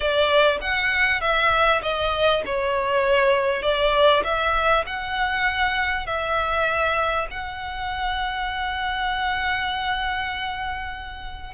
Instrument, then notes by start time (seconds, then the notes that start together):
violin
0.00 D5
0.61 F#5
1.20 E5
1.82 D#5
2.45 C#5
3.62 D5
4.24 E5
4.86 F#5
6.06 E5
7.30 F#5